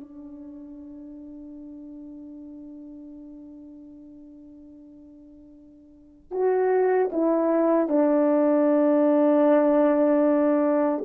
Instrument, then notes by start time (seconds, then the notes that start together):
horn
0.00 D4
6.31 F#4
7.12 E4
7.88 D4